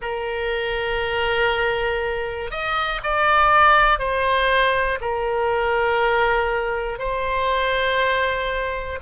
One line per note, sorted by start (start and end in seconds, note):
0.01 2.50 A#4
2.50 3.00 D#5
3.03 3.98 D5
3.98 4.98 C5
5.00 6.98 A#4
6.98 8.98 C5